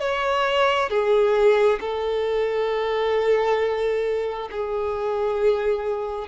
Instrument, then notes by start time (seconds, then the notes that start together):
violin
0.00 C#5
0.90 G#4
1.80 A4
4.51 G#4